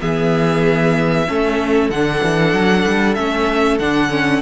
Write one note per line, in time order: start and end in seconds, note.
0.00 1.28 E3
0.00 1.26 B3
0.00 1.27 G#4
0.00 1.90 E5
1.27 1.90 A3
1.27 1.90 C#4
1.27 4.42 A4
1.90 2.21 D3
1.90 3.16 D4
1.90 3.14 F#5
2.23 2.53 E3
2.53 2.85 F#3
2.87 3.17 G3
3.14 3.80 A3
3.14 3.79 C#4
3.14 3.78 E5
3.79 4.42 D3
3.79 4.10 D4
3.79 4.42 F#5
4.10 4.41 C#4